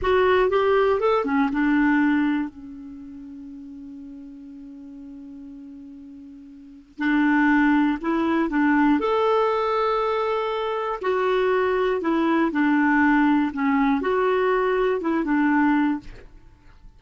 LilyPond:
\new Staff \with { instrumentName = "clarinet" } { \time 4/4 \tempo 4 = 120 fis'4 g'4 a'8 cis'8 d'4~ | d'4 cis'2.~ | cis'1~ | cis'2 d'2 |
e'4 d'4 a'2~ | a'2 fis'2 | e'4 d'2 cis'4 | fis'2 e'8 d'4. | }